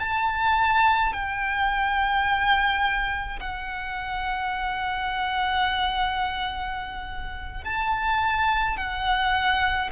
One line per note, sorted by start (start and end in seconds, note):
0.00 1.13 A5
1.13 3.40 G5
3.40 7.65 F#5
7.65 8.77 A5
8.77 9.91 F#5